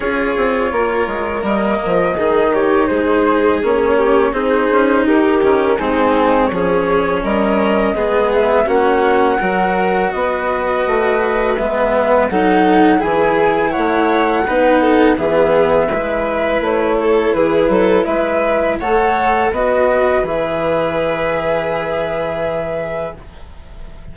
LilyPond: <<
  \new Staff \with { instrumentName = "flute" } { \time 4/4 \tempo 4 = 83 cis''2 dis''4. cis''8 | c''4 cis''4 c''4 ais'4 | gis'4 cis''4 dis''4. e''8 | fis''2 dis''2 |
e''4 fis''4 gis''4 fis''4~ | fis''4 e''2 cis''4 | b'4 e''4 fis''4 dis''4 | e''1 | }
  \new Staff \with { instrumentName = "violin" } { \time 4/4 gis'4 ais'2 gis'8 g'8 | gis'4. g'8 gis'4 g'4 | dis'4 gis'4 ais'4 gis'4 | fis'4 ais'4 b'2~ |
b'4 a'4 gis'4 cis''4 | b'8 a'8 gis'4 b'4. a'8 | gis'8 a'8 b'4 cis''4 b'4~ | b'1 | }
  \new Staff \with { instrumentName = "cello" } { \time 4/4 f'2 ais4 dis'4~ | dis'4 cis'4 dis'4. cis'8 | c'4 cis'2 b4 | cis'4 fis'2. |
b4 dis'4 e'2 | dis'4 b4 e'2~ | e'2 a'4 fis'4 | gis'1 | }
  \new Staff \with { instrumentName = "bassoon" } { \time 4/4 cis'8 c'8 ais8 gis8 g8 f8 dis4 | gis4 ais4 c'8 cis'8 dis'8 dis8 | gis4 f4 g4 gis4 | ais4 fis4 b4 a4 |
gis4 fis4 e4 a4 | b4 e4 gis4 a4 | e8 fis8 gis4 a4 b4 | e1 | }
>>